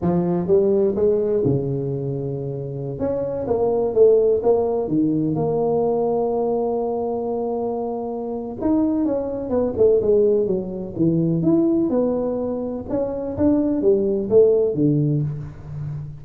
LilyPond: \new Staff \with { instrumentName = "tuba" } { \time 4/4 \tempo 4 = 126 f4 g4 gis4 cis4~ | cis2~ cis16 cis'4 ais8.~ | ais16 a4 ais4 dis4 ais8.~ | ais1~ |
ais2 dis'4 cis'4 | b8 a8 gis4 fis4 e4 | e'4 b2 cis'4 | d'4 g4 a4 d4 | }